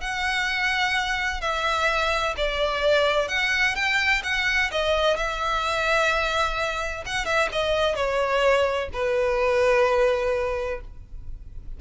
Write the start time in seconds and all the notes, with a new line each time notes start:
0.00 F#5
1.41 E5
2.37 D5
3.28 F#5
3.75 G5
4.23 F#5
4.71 D#5
5.16 E5
7.05 F#5
7.25 E5
7.52 D#5
7.95 C#5
8.93 B4